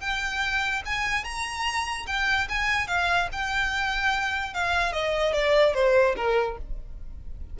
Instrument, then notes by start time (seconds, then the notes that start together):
violin
0.00 G5
0.85 G#5
1.24 A#5
2.06 G5
2.48 G#5
2.87 F5
3.32 G5
4.54 F5
4.92 D#5
5.33 D5
5.74 C5
6.16 A#4